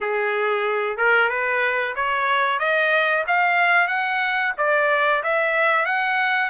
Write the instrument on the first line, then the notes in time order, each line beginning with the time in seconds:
trumpet
0.00 G#4
0.97 A#4
1.29 B4
1.95 C#5
2.59 D#5
3.27 F5
3.87 F#5
4.57 D5
5.23 E5
5.85 F#5